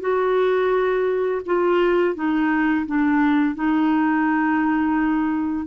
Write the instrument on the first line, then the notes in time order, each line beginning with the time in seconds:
clarinet
0.00 F#4
1.46 F4
2.15 D#4
2.86 D4
3.55 D#4